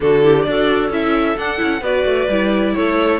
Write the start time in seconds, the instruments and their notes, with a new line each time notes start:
0.00 cello D3, viola D4, clarinet F#4, violin A4
0.21 viola E4, clarinet G4
0.42 cello D4, violin D5
0.48 viola F#4, clarinet A4
0.90 cello C#4, viola E4, violin E5
1.36 cello D4, viola D4, violin F#5
1.57 cello C#4, viola E4
1.81 cello B3, viola F#4, clarinet B4, violin D5
2.05 cello A3
2.28 cello G3, viola E4
2.74 cello A3, clarinet A4, violin C#5